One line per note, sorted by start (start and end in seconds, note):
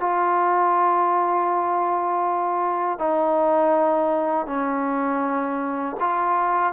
0.00 2.99 F4
2.99 4.46 D#4
4.46 5.96 C#4
6.00 6.73 F4